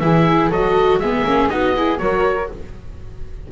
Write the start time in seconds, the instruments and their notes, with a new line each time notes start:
0.00 double bass E3, viola E4, flute G#4, oboe E5
0.50 double bass F#3, viola F#4, flute A4, oboe D#5
0.99 double bass G#3, viola B3, flute G#4, oboe E5
1.24 double bass A#3, viola C#4
1.49 double bass B3, viola D#4, flute F#4, oboe D#5
1.76 viola E4, flute G#4
1.98 double bass F#3, viola F#4, flute A#4, oboe C#5